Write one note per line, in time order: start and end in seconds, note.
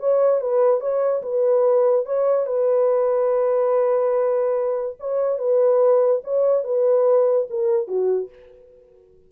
0.00 0.41 C#5
0.41 0.81 B4
0.81 1.23 C#5
1.23 2.06 B4
2.06 2.47 C#5
2.47 4.97 B4
5.00 5.39 C#5
5.39 6.22 B4
6.24 6.65 C#5
6.65 7.48 B4
7.50 7.88 A#4
7.88 8.30 F#4